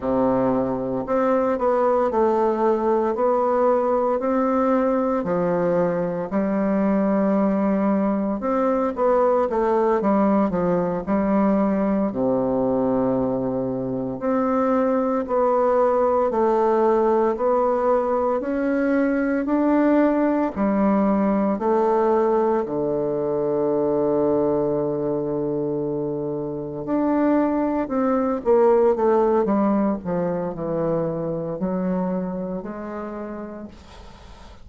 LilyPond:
\new Staff \with { instrumentName = "bassoon" } { \time 4/4 \tempo 4 = 57 c4 c'8 b8 a4 b4 | c'4 f4 g2 | c'8 b8 a8 g8 f8 g4 c8~ | c4. c'4 b4 a8~ |
a8 b4 cis'4 d'4 g8~ | g8 a4 d2~ d8~ | d4. d'4 c'8 ais8 a8 | g8 f8 e4 fis4 gis4 | }